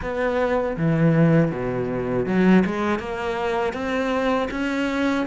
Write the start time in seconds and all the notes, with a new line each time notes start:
0.01 B3
0.77 E3
1.51 B2
2.26 F#3
2.65 G#3
2.99 A#3
3.73 C4
4.50 C#4